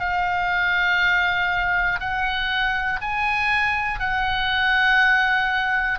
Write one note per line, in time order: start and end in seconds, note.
0.00 2.00 F5
2.00 3.00 F#5
3.01 4.00 G#5
4.00 5.99 F#5